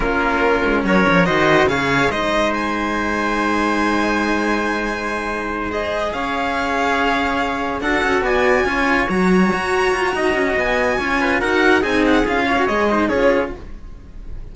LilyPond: <<
  \new Staff \with { instrumentName = "violin" } { \time 4/4 \tempo 4 = 142 ais'2 cis''4 dis''4 | f''4 dis''4 gis''2~ | gis''1~ | gis''4. dis''4 f''4.~ |
f''2~ f''8 fis''4 gis''8~ | gis''4. ais''2~ ais''8~ | ais''4 gis''2 fis''4 | gis''8 fis''8 f''4 dis''4 cis''4 | }
  \new Staff \with { instrumentName = "trumpet" } { \time 4/4 f'2 ais'4 c''4 | cis''4 c''2.~ | c''1~ | c''2~ c''8 cis''4.~ |
cis''2~ cis''8 a'4 d''8~ | d''8 cis''2.~ cis''8 | dis''2 cis''8 b'8 ais'4 | gis'4. cis''4 c''8 gis'4 | }
  \new Staff \with { instrumentName = "cello" } { \time 4/4 cis'2. fis'4 | gis'4 dis'2.~ | dis'1~ | dis'4. gis'2~ gis'8~ |
gis'2~ gis'8 fis'4.~ | fis'8 f'4 fis'2~ fis'8~ | fis'2 f'4 fis'4 | dis'4 f'8. fis'16 gis'8 dis'8 f'4 | }
  \new Staff \with { instrumentName = "cello" } { \time 4/4 ais4. gis8 fis8 f8 dis4 | cis4 gis2.~ | gis1~ | gis2~ gis8 cis'4.~ |
cis'2~ cis'8 d'8 cis'8 b8~ | b8 cis'4 fis4 fis'4 f'8 | dis'8 cis'8 b4 cis'4 dis'4 | c'4 cis'4 gis4 cis'4 | }
>>